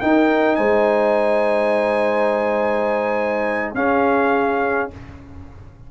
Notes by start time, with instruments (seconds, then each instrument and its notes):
0.00 trombone D#4, tuba D#4, horn A#4, trumpet G5
0.55 tuba G#3, horn C5, trumpet G#5
3.74 tuba C#4, trombone C#4, horn G#4, trumpet F5